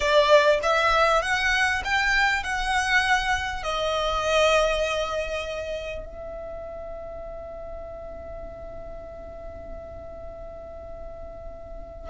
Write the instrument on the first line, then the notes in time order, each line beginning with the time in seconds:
violin
0.00 D5
0.62 E5
1.21 F#5
1.84 G5
2.43 F#5
3.63 D#5
6.05 E5